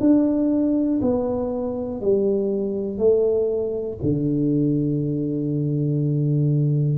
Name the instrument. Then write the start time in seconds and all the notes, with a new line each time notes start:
tuba
0.00 D4
1.01 B3
2.00 G3
2.98 A3
4.02 D3